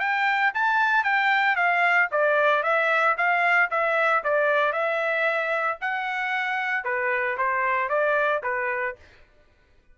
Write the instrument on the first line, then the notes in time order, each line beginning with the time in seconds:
trumpet
0.00 G5
0.54 A5
1.04 G5
1.56 F5
2.11 D5
2.63 E5
3.17 F5
3.71 E5
4.24 D5
4.73 E5
5.81 F#5
6.84 B4
7.38 C5
7.89 D5
8.43 B4